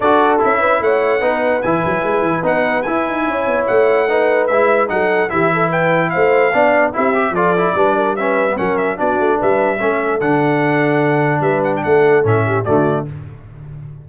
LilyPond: <<
  \new Staff \with { instrumentName = "trumpet" } { \time 4/4 \tempo 4 = 147 d''4 e''4 fis''2 | gis''2 fis''4 gis''4~ | gis''4 fis''2 e''4 | fis''4 e''4 g''4 f''4~ |
f''4 e''4 d''2 | e''4 fis''8 e''8 d''4 e''4~ | e''4 fis''2. | e''8 fis''16 g''16 fis''4 e''4 d''4 | }
  \new Staff \with { instrumentName = "horn" } { \time 4/4 a'4. b'8 cis''4 b'4~ | b'1 | cis''2 b'2 | a'4 g'8 a'8 b'4 c''4 |
d''4 g'4 a'4 b'8 ais'8 | b'4 ais'4 fis'4 b'4 | a'1 | b'4 a'4. g'8 fis'4 | }
  \new Staff \with { instrumentName = "trombone" } { \time 4/4 fis'4 e'2 dis'4 | e'2 dis'4 e'4~ | e'2 dis'4 e'4 | dis'4 e'2. |
d'4 e'8 g'8 f'8 e'8 d'4 | cis'8. b16 cis'4 d'2 | cis'4 d'2.~ | d'2 cis'4 a4 | }
  \new Staff \with { instrumentName = "tuba" } { \time 4/4 d'4 cis'4 a4 b4 | e8 fis8 gis8 e8 b4 e'8 dis'8 | cis'8 b8 a2 gis4 | fis4 e2 a4 |
b4 c'4 f4 g4~ | g4 fis4 b8 a8 g4 | a4 d2. | g4 a4 a,4 d4 | }
>>